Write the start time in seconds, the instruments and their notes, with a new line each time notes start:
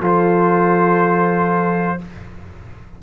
0.00 tuba F3, trombone F4, horn A4, trumpet C5